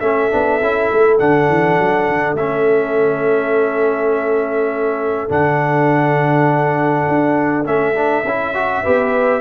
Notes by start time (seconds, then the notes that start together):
0.00 A3 C#4 A4 E5
0.31 B3 D4
0.61 C#4 E4
0.93 A3
1.19 D3 D4 F#5
1.50 E3
1.79 F#3
2.08 D3
2.34 A3 C#4 E5
5.29 D3 D4 F#5
7.08 D4
7.65 A3 C#4 E5
7.95 D4
8.25 C#4 E4
8.55 F#4
8.83 B3 G4 B4